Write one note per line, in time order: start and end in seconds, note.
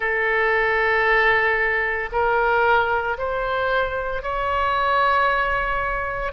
0.00 2.09 A4
2.11 3.17 A#4
3.18 4.22 C5
4.22 6.32 C#5